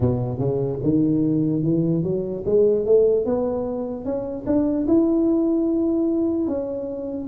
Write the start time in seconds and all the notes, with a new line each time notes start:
0.00 B2
0.38 C#3
0.83 D#3
1.62 E3
2.03 F#3
2.45 G#3
2.85 A3
3.25 B3
4.04 C#4
4.46 D4
4.87 E4
6.47 C#4